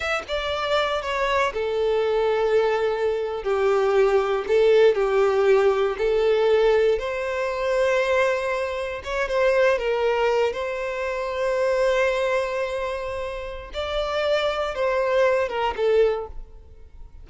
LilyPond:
\new Staff \with { instrumentName = "violin" } { \time 4/4 \tempo 4 = 118 e''8 d''4. cis''4 a'4~ | a'2~ a'8. g'4~ g'16~ | g'8. a'4 g'2 a'16~ | a'4.~ a'16 c''2~ c''16~ |
c''4.~ c''16 cis''8 c''4 ais'8.~ | ais'8. c''2.~ c''16~ | c''2. d''4~ | d''4 c''4. ais'8 a'4 | }